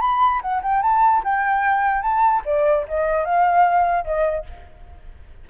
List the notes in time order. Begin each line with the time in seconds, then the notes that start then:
0.00 B5
0.41 F#5
0.62 G5
0.82 A5
1.24 G5
2.02 A5
2.45 D5
2.88 D#5
3.25 F5
4.04 D#5